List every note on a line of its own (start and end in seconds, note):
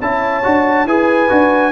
0.00 0.44 C#4
0.00 0.43 E4
0.00 0.86 C#5
0.00 0.87 A5
0.43 0.85 D4
0.43 0.86 F#4
0.85 1.28 E4
0.85 1.29 G#4
0.85 1.72 B4
0.85 1.72 G#5
1.29 1.72 D4
1.29 1.72 F#4